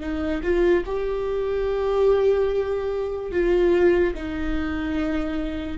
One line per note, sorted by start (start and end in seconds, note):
0.00 0.41 D#4
0.42 0.83 F4
0.85 3.31 G4
3.31 4.14 F4
4.14 5.77 D#4